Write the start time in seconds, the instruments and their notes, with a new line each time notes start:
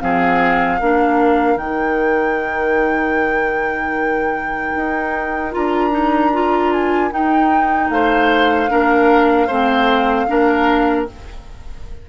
0.00 bassoon F3, clarinet C4, oboe G#4, flute F5
0.80 bassoon A#3, clarinet D4, oboe A#4
1.57 bassoon D#3, clarinet D#4, flute G5
4.76 bassoon D#4
5.52 bassoon D4, clarinet F4, flute A#5
5.91 clarinet D#4
6.33 clarinet F4
6.73 flute G#5
7.11 clarinet D#4, bassoon D#4, flute G5
7.90 bassoon A3, oboe C5, flute F5
8.69 bassoon A#3, clarinet D4, oboe A#4
9.47 bassoon A3, clarinet C4, oboe C5
10.28 bassoon A#3, clarinet D4, oboe A#4